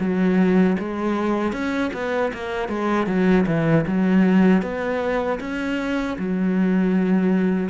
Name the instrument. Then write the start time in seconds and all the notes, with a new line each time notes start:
cello
0.00 F#3
0.79 G#3
1.53 C#4
1.94 B3
2.34 A#3
2.69 G#3
3.07 F#3
3.47 E3
3.87 F#3
4.63 B3
5.41 C#4
6.19 F#3